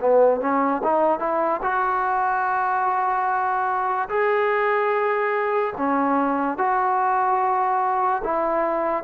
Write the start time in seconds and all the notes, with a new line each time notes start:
0.00 B3
0.40 C#4
0.83 D#4
1.19 E4
1.62 F#4
4.09 G#4
5.77 C#4
6.58 F#4
8.23 E4